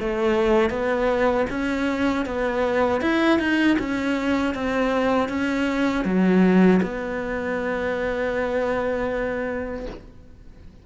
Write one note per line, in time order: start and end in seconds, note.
0.00 0.70 A3
0.70 1.46 B3
1.51 2.26 C#4
2.26 3.02 B3
3.02 3.40 E4
3.40 3.78 D#4
3.79 4.55 C#4
4.55 5.30 C4
5.30 6.05 C#4
6.05 6.81 F#3
6.83 9.87 B3